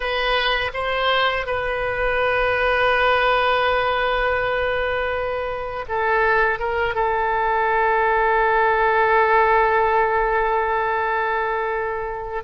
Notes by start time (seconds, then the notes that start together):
0.00 B4
0.73 C5
1.46 B4
5.88 A4
6.59 A#4
6.94 A4